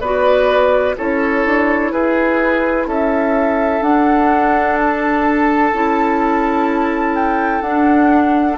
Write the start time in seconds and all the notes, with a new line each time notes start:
0.00 B3 F#4 B4 D5
0.97 C#4 E4 A4 C#5
1.46 D4
1.92 E4 G#4 B4
2.87 C#4 A4 E5
3.82 D4 F#5
4.79 A5
5.73 C#4 E4
7.15 G5
7.62 D4 F#5